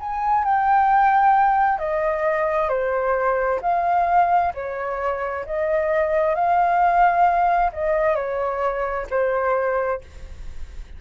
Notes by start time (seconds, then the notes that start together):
0.00 G#5
0.45 G5
1.79 D#5
2.69 C5
3.62 F5
4.55 C#5
5.46 D#5
6.35 F5
7.73 D#5
8.16 C#5
9.10 C5